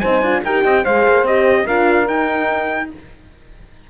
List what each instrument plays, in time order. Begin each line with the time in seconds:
0.00 cello C4, horn D#4, saxophone C5, trumpet G#5
0.22 cello D4, horn F4
0.44 cello D#4, horn G4, saxophone A#4, trumpet G5
0.65 cello C4, saxophone D#5
0.83 cello G#3, horn G#4, saxophone C5, trumpet F5
1.08 cello A#3
1.23 cello C4, horn G4, trumpet D#5
1.65 cello D4, horn F4, saxophone A#4, trumpet F5
2.07 horn D#4, cello D#4, trumpet G5